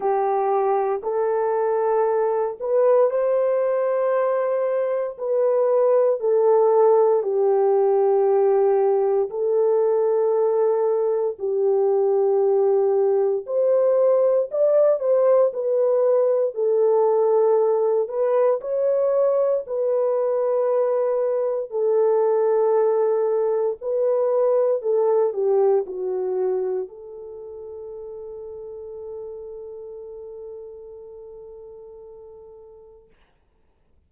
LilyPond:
\new Staff \with { instrumentName = "horn" } { \time 4/4 \tempo 4 = 58 g'4 a'4. b'8 c''4~ | c''4 b'4 a'4 g'4~ | g'4 a'2 g'4~ | g'4 c''4 d''8 c''8 b'4 |
a'4. b'8 cis''4 b'4~ | b'4 a'2 b'4 | a'8 g'8 fis'4 a'2~ | a'1 | }